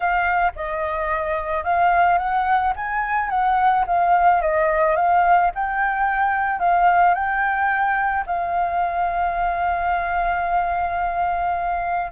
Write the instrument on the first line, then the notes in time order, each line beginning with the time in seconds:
flute
0.00 F5
0.55 D#5
1.64 F5
2.18 F#5
2.76 G#5
3.29 F#5
3.86 F5
4.41 D#5
4.95 F5
5.54 G5
6.59 F5
7.14 G5
8.26 F5